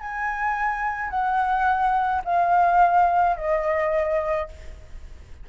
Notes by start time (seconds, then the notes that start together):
0.00 G#5
1.10 F#5
2.25 F5
3.36 D#5